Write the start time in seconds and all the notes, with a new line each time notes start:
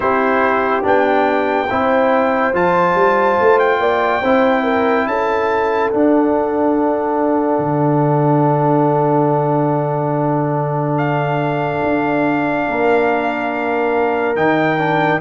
0.00 C4 E4 G4 C5
0.82 B3 D4 G5
1.70 C4 E4 C5
2.53 F3 F4 A5
2.94 G3
3.40 A3
3.59 G5
3.79 A#3 D5
4.22 C4 E4 C5
4.63 A#4
5.06 C#4 A4 A5
5.90 D4 F#5
7.58 D3
10.97 F5
11.83 D4
12.68 A#3 A#4
14.36 D#3 D#4 G5
14.78 D4